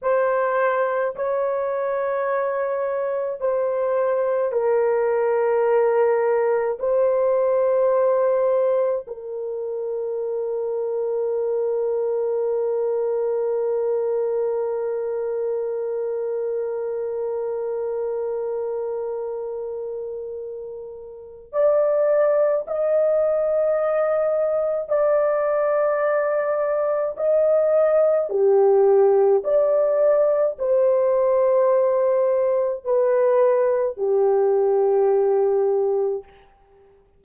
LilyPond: \new Staff \with { instrumentName = "horn" } { \time 4/4 \tempo 4 = 53 c''4 cis''2 c''4 | ais'2 c''2 | ais'1~ | ais'1~ |
ais'2. d''4 | dis''2 d''2 | dis''4 g'4 d''4 c''4~ | c''4 b'4 g'2 | }